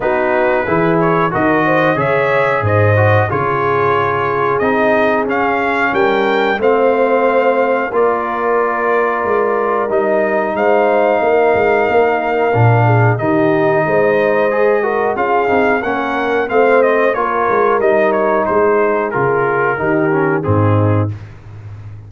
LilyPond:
<<
  \new Staff \with { instrumentName = "trumpet" } { \time 4/4 \tempo 4 = 91 b'4. cis''8 dis''4 e''4 | dis''4 cis''2 dis''4 | f''4 g''4 f''2 | d''2. dis''4 |
f''1 | dis''2. f''4 | fis''4 f''8 dis''8 cis''4 dis''8 cis''8 | c''4 ais'2 gis'4 | }
  \new Staff \with { instrumentName = "horn" } { \time 4/4 fis'4 gis'4 ais'8 c''8 cis''4 | c''4 gis'2.~ | gis'4 ais'4 c''2 | ais'1 |
c''4 ais'2~ ais'8 gis'8 | g'4 c''4. ais'8 gis'4 | ais'4 c''4 ais'2 | gis'2 g'4 dis'4 | }
  \new Staff \with { instrumentName = "trombone" } { \time 4/4 dis'4 e'4 fis'4 gis'4~ | gis'8 fis'8 f'2 dis'4 | cis'2 c'2 | f'2. dis'4~ |
dis'2. d'4 | dis'2 gis'8 fis'8 f'8 dis'8 | cis'4 c'4 f'4 dis'4~ | dis'4 f'4 dis'8 cis'8 c'4 | }
  \new Staff \with { instrumentName = "tuba" } { \time 4/4 b4 e4 dis4 cis4 | gis,4 cis2 c'4 | cis'4 g4 a2 | ais2 gis4 g4 |
gis4 ais8 gis8 ais4 ais,4 | dis4 gis2 cis'8 c'8 | ais4 a4 ais8 gis8 g4 | gis4 cis4 dis4 gis,4 | }
>>